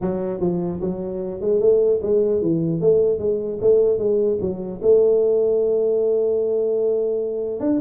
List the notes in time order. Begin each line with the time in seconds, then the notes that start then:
0.01 F#3
0.40 F3
0.81 F#3
1.41 G#3
1.60 A3
2.02 G#3
2.41 E3
2.80 A3
3.18 G#3
3.61 A3
3.98 G#3
4.40 F#3
4.82 A3
7.59 D4